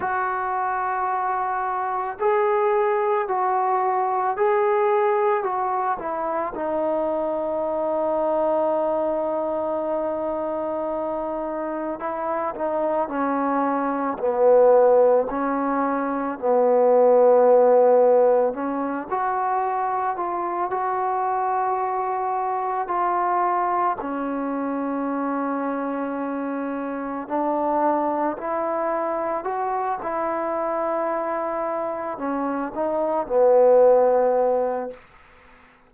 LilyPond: \new Staff \with { instrumentName = "trombone" } { \time 4/4 \tempo 4 = 55 fis'2 gis'4 fis'4 | gis'4 fis'8 e'8 dis'2~ | dis'2. e'8 dis'8 | cis'4 b4 cis'4 b4~ |
b4 cis'8 fis'4 f'8 fis'4~ | fis'4 f'4 cis'2~ | cis'4 d'4 e'4 fis'8 e'8~ | e'4. cis'8 dis'8 b4. | }